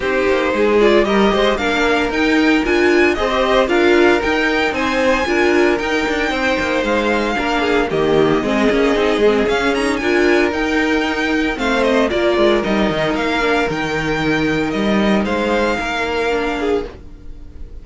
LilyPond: <<
  \new Staff \with { instrumentName = "violin" } { \time 4/4 \tempo 4 = 114 c''4. d''8 dis''4 f''4 | g''4 gis''4 dis''4 f''4 | g''4 gis''2 g''4~ | g''4 f''2 dis''4~ |
dis''2 f''8 ais''8 gis''4 | g''2 f''8 dis''8 d''4 | dis''4 f''4 g''2 | dis''4 f''2. | }
  \new Staff \with { instrumentName = "violin" } { \time 4/4 g'4 gis'4 ais'8 c''8 ais'4~ | ais'2 c''4 ais'4~ | ais'4 c''4 ais'2 | c''2 ais'8 gis'8 g'4 |
gis'2. ais'4~ | ais'2 c''4 ais'4~ | ais'1~ | ais'4 c''4 ais'4. gis'8 | }
  \new Staff \with { instrumentName = "viola" } { \time 4/4 dis'4. f'8 g'4 d'4 | dis'4 f'4 gis'16 g'8. f'4 | dis'2 f'4 dis'4~ | dis'2 d'4 ais4 |
c'8 cis'8 dis'8 c'8 cis'8 dis'8 f'4 | dis'2 c'4 f'4 | dis'4. d'8 dis'2~ | dis'2. d'4 | }
  \new Staff \with { instrumentName = "cello" } { \time 4/4 c'8 ais8 gis4 g8 gis8 ais4 | dis'4 d'4 c'4 d'4 | dis'4 c'4 d'4 dis'8 d'8 | c'8 ais8 gis4 ais4 dis4 |
gis8 ais8 c'8 gis8 cis'4 d'4 | dis'2 a4 ais8 gis8 | g8 dis8 ais4 dis2 | g4 gis4 ais2 | }
>>